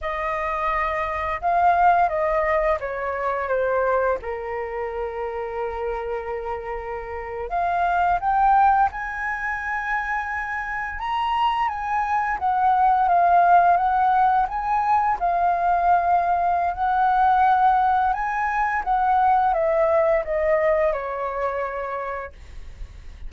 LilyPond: \new Staff \with { instrumentName = "flute" } { \time 4/4 \tempo 4 = 86 dis''2 f''4 dis''4 | cis''4 c''4 ais'2~ | ais'2~ ais'8. f''4 g''16~ | g''8. gis''2. ais''16~ |
ais''8. gis''4 fis''4 f''4 fis''16~ | fis''8. gis''4 f''2~ f''16 | fis''2 gis''4 fis''4 | e''4 dis''4 cis''2 | }